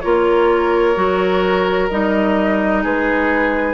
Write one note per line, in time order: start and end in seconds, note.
0.00 0.96 A#3
0.00 0.95 F4
0.00 2.83 A#4
0.00 1.88 C#5
0.95 1.90 F#3
0.95 1.88 F#4
1.89 2.85 G3
1.89 3.74 D#4
1.89 2.83 D#5
2.83 3.74 G#3
2.83 3.74 G#4
2.83 3.74 B4